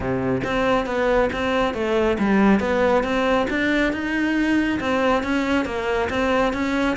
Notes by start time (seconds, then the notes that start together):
0.00 C3
0.43 C4
0.86 B3
1.32 C4
1.74 A3
2.18 G3
2.60 B3
3.03 C4
3.50 D4
3.92 D#4
4.80 C4
5.23 C#4
5.65 A#3
6.09 C4
6.53 C#4